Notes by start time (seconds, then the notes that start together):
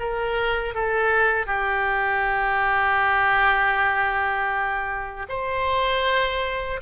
0.00 A#4
0.75 A4
1.47 G4
5.29 C5